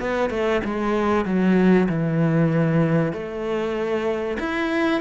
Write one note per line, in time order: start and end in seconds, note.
0.00 0.30 B3
0.30 0.61 A3
0.64 1.25 G#3
1.25 1.88 F#3
1.88 3.12 E3
3.12 4.38 A3
4.39 5.01 E4